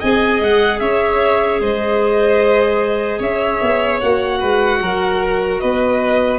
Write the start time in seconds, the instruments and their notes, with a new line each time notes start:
0.00 tuba C4, clarinet G#4, violin D#5 G#5
0.41 tuba G#3, violin F#5
0.80 tuba C#4, violin C#5 E5
1.61 tuba G#3, violin C5 D#5
3.19 tuba C#4, violin C#5 E5
3.62 tuba B3
4.01 tuba A#3, clarinet F#4, violin F#5
4.40 tuba G#3, violin B4
4.82 tuba F#3, violin A#4
5.60 tuba B3, violin B4 D#5